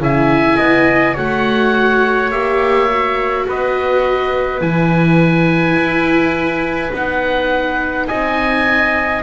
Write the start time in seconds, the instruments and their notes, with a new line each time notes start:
0.00 double bass C#3, viola E4, trumpet E5, oboe G#5
0.57 double bass B3, trumpet D#5
1.14 double bass A3, viola F#4, trumpet C#5, oboe F#5
2.31 double bass A#3, viola G4, oboe E5
2.91 viola F#4
3.48 double bass B3, trumpet B4, oboe D#5
4.61 double bass E3, viola E4, oboe G#5
5.76 double bass E4
6.92 double bass B3, viola D#4, oboe F#5
8.08 double bass C4, trumpet D#5, oboe G#5